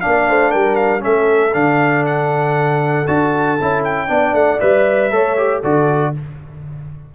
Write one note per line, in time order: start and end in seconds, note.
0.00 0.28 A#3
0.00 0.99 D4
0.00 0.27 D5
0.00 0.51 F5
0.28 0.54 A3
0.28 0.51 C5
0.51 1.05 G3
0.51 1.02 A#4
0.51 0.75 G5
0.75 1.01 F5
0.99 1.50 C#4
0.99 4.08 A4
0.99 1.53 E5
1.05 1.54 A3
1.53 3.06 D3
1.53 3.06 D4
1.53 2.04 F5
2.05 3.06 F#5
3.06 3.58 D4
3.06 3.58 F#4
3.06 3.83 A5
3.60 4.09 C#4
3.60 4.07 E4
3.84 4.34 G5
4.07 4.33 B3
4.07 4.58 D4
4.07 5.12 D5
4.33 4.59 A3
4.33 4.59 F#5
4.60 5.11 G3
4.60 5.11 B4
4.60 5.62 E5
5.11 5.62 A3
5.11 5.36 A4
5.11 5.61 C#5
5.37 5.62 G4
5.61 6.14 D3
5.61 6.14 F#4
5.61 6.12 A4
5.61 6.14 D5